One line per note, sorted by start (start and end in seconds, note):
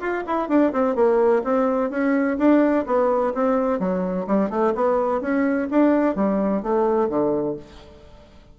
0.00 0.24 F4
0.26 0.49 E4
0.49 0.72 D4
0.73 0.95 C4
0.95 1.43 A#3
1.44 1.90 C4
1.90 2.38 C#4
2.38 2.85 D4
2.86 3.33 B3
3.34 3.79 C4
3.79 4.27 F#3
4.27 4.50 G3
4.50 4.73 A3
4.75 5.21 B3
5.21 5.68 C#4
5.71 6.15 D4
6.15 6.62 G3
6.62 7.09 A3
7.09 7.56 D3